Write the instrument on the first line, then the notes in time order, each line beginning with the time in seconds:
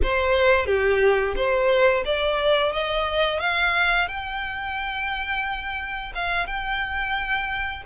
violin
0.02 C5
0.66 G4
1.35 C5
2.05 D5
2.72 D#5
3.39 F5
4.08 G5
6.14 F5
6.46 G5